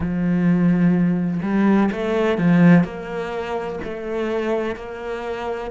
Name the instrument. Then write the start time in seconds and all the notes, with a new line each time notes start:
cello
0.00 F3
1.42 G3
1.91 A3
2.38 F3
2.84 A#3
3.84 A3
4.75 A#3